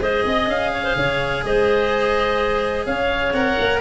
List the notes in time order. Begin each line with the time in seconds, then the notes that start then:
0.00 G#3 G#4 C5 D#5
0.25 C4 D#5
0.47 C#4 F5
0.73 C#5
0.84 C5
0.95 C#3 C#5
1.43 G#3 C5 D#5
2.86 C#4 C#5 F5
3.32 C4 A#4 F#5
3.59 A#3